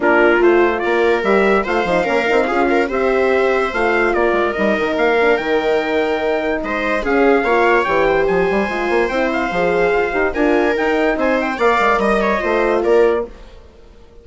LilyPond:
<<
  \new Staff \with { instrumentName = "trumpet" } { \time 4/4 \tempo 4 = 145 ais'4 c''4 d''4 e''4 | f''2. e''4~ | e''4 f''4 d''4 dis''4 | f''4 g''2. |
dis''4 f''2 g''4 | gis''2 g''8 f''4.~ | f''4 gis''4 g''4 gis''8 g''8 | f''4 dis''2 d''4 | }
  \new Staff \with { instrumentName = "viola" } { \time 4/4 f'2 ais'2 | c''4 ais'4 gis'8 ais'8 c''4~ | c''2 ais'2~ | ais'1 |
c''4 gis'4 cis''4. c''8~ | c''1~ | c''4 ais'2 c''4 | d''4 dis''8 cis''8 c''4 ais'4 | }
  \new Staff \with { instrumentName = "horn" } { \time 4/4 d'4 f'2 g'4 | f'8 dis'8 cis'8 dis'8 f'4 g'4~ | g'4 f'2 dis'4~ | dis'8 d'8 dis'2.~ |
dis'4 cis'4 f'4 g'4~ | g'4 f'4 e'4 gis'4~ | gis'8 g'8 f'4 dis'2 | ais'2 f'2 | }
  \new Staff \with { instrumentName = "bassoon" } { \time 4/4 ais4 a4 ais4 g4 | a8 f8 ais8 c'8 cis'4 c'4~ | c'4 a4 ais8 gis8 g8 dis8 | ais4 dis2. |
gis4 cis'4 ais4 e4 | f8 g8 gis8 ais8 c'4 f4 | f'8 dis'8 d'4 dis'4 c'4 | ais8 gis8 g4 a4 ais4 | }
>>